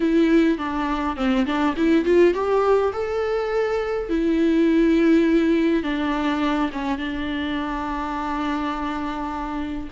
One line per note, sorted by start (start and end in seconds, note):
0.00 0.58 E4
0.58 1.16 D4
1.16 1.45 C4
1.46 1.75 D4
1.76 2.04 E4
2.04 2.34 F4
2.34 2.92 G4
2.93 4.09 A4
4.09 5.83 E4
5.83 6.70 D4
6.72 6.97 C#4
6.97 9.89 D4